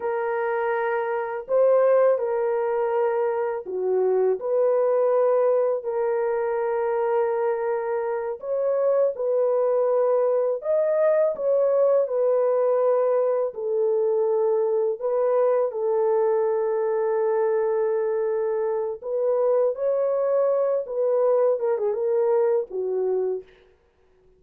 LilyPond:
\new Staff \with { instrumentName = "horn" } { \time 4/4 \tempo 4 = 82 ais'2 c''4 ais'4~ | ais'4 fis'4 b'2 | ais'2.~ ais'8 cis''8~ | cis''8 b'2 dis''4 cis''8~ |
cis''8 b'2 a'4.~ | a'8 b'4 a'2~ a'8~ | a'2 b'4 cis''4~ | cis''8 b'4 ais'16 gis'16 ais'4 fis'4 | }